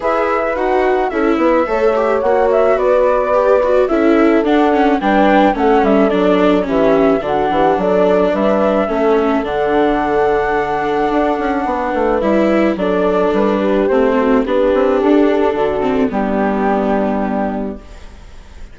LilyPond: <<
  \new Staff \with { instrumentName = "flute" } { \time 4/4 \tempo 4 = 108 e''4 fis''4 e''2 | fis''8 e''8 d''2 e''4 | fis''4 g''4 fis''8 e''8 d''4 | e''4 fis''4 d''4 e''4~ |
e''4 fis''2.~ | fis''2 e''4 d''4 | b'4 c''4 b'4 a'4~ | a'4 g'2. | }
  \new Staff \with { instrumentName = "horn" } { \time 4/4 b'2 a'8 b'8 cis''4~ | cis''4 b'2 a'4~ | a'4 b'4 a'2 | g'4 fis'8 g'8 a'4 b'4 |
a'1~ | a'4 b'2 a'4~ | a'8 g'4 fis'8 g'2 | fis'4 d'2. | }
  \new Staff \with { instrumentName = "viola" } { \time 4/4 gis'4 fis'4 e'4 a'8 g'8 | fis'2 g'8 fis'8 e'4 | d'8 cis'8 d'4 cis'4 d'4 | cis'4 d'2. |
cis'4 d'2.~ | d'2 e'4 d'4~ | d'4 c'4 d'2~ | d'8 c'8 b2. | }
  \new Staff \with { instrumentName = "bassoon" } { \time 4/4 e'4 dis'4 cis'8 b8 a4 | ais4 b2 cis'4 | d'4 g4 a8 g8 fis4 | e4 d8 e8 fis4 g4 |
a4 d2. | d'8 cis'8 b8 a8 g4 fis4 | g4 a4 b8 c'8 d'4 | d4 g2. | }
>>